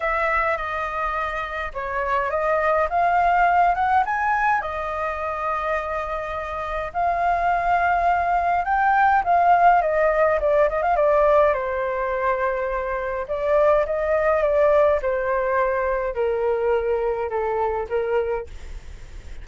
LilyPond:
\new Staff \with { instrumentName = "flute" } { \time 4/4 \tempo 4 = 104 e''4 dis''2 cis''4 | dis''4 f''4. fis''8 gis''4 | dis''1 | f''2. g''4 |
f''4 dis''4 d''8 dis''16 f''16 d''4 | c''2. d''4 | dis''4 d''4 c''2 | ais'2 a'4 ais'4 | }